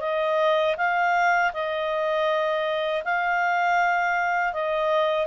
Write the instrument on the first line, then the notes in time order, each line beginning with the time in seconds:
clarinet
0.00 D#5
0.77 F5
1.53 D#5
3.04 F5
4.53 D#5